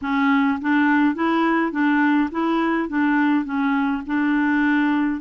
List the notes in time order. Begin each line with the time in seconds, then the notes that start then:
0.01 C#4
0.61 D4
1.14 E4
1.72 D4
2.31 E4
2.88 D4
3.45 C#4
4.06 D4